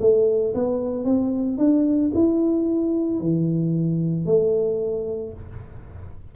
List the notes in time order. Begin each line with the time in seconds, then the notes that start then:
0.00 A3
0.54 B3
1.04 C4
1.57 D4
2.14 E4
3.20 E3
4.26 A3